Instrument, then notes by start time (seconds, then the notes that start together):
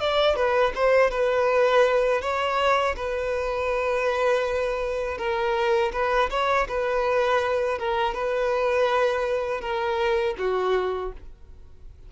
violin
0.00 D5
0.36 B4
0.75 C5
1.10 B4
2.22 C#5
2.96 B4
5.18 A#4
5.93 B4
6.30 C#5
6.68 B4
7.78 A#4
8.14 B4
9.61 A#4
10.38 F#4